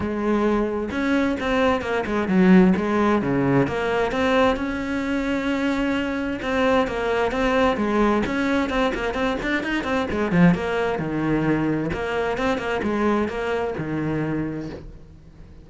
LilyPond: \new Staff \with { instrumentName = "cello" } { \time 4/4 \tempo 4 = 131 gis2 cis'4 c'4 | ais8 gis8 fis4 gis4 cis4 | ais4 c'4 cis'2~ | cis'2 c'4 ais4 |
c'4 gis4 cis'4 c'8 ais8 | c'8 d'8 dis'8 c'8 gis8 f8 ais4 | dis2 ais4 c'8 ais8 | gis4 ais4 dis2 | }